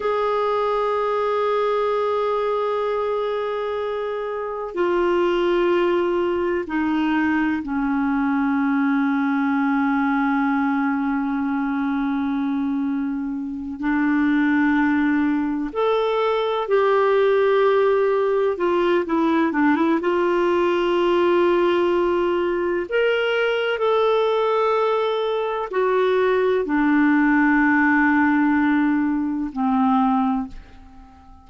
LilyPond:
\new Staff \with { instrumentName = "clarinet" } { \time 4/4 \tempo 4 = 63 gis'1~ | gis'4 f'2 dis'4 | cis'1~ | cis'2~ cis'8 d'4.~ |
d'8 a'4 g'2 f'8 | e'8 d'16 e'16 f'2. | ais'4 a'2 fis'4 | d'2. c'4 | }